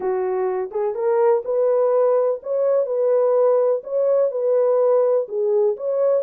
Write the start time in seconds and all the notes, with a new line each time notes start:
0.00 F#4
0.71 G#4
0.94 A#4
1.44 B4
2.42 C#5
2.86 B4
3.83 C#5
4.31 B4
5.28 G#4
5.76 C#5